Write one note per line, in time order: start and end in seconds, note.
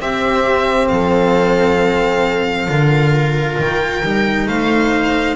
0.00 2.68 C4
0.00 0.90 C4
0.00 0.91 G4
0.00 0.87 E5
0.87 2.68 F3
0.87 2.68 A4
0.87 3.56 F5
2.68 3.57 D3
2.68 4.02 F4
2.68 4.47 A#4
3.58 4.02 D#3
3.58 4.47 G5
4.02 4.46 G3
4.02 5.35 D#4
4.46 5.35 A3
4.46 5.35 C5
4.46 5.35 F5